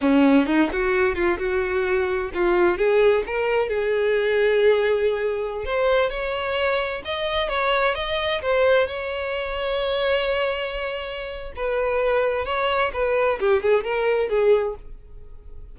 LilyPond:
\new Staff \with { instrumentName = "violin" } { \time 4/4 \tempo 4 = 130 cis'4 dis'8 fis'4 f'8 fis'4~ | fis'4 f'4 gis'4 ais'4 | gis'1~ | gis'16 c''4 cis''2 dis''8.~ |
dis''16 cis''4 dis''4 c''4 cis''8.~ | cis''1~ | cis''4 b'2 cis''4 | b'4 g'8 gis'8 ais'4 gis'4 | }